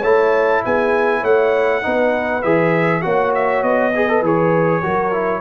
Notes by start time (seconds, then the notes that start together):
0.00 A3 E4 C#5 A5
0.64 B3 G#4 G#5
1.20 A3 C#5 F#5
1.82 B3 D#4 B4
2.42 E3 G#4 E5
3.01 A#3 F#4 C#5 F#5
3.34 E5
3.62 B3 D#5
3.94 G#4 B4
4.08 A4
4.21 E3 G#4 C#5
4.83 F#3 F#4 A#4
5.12 E4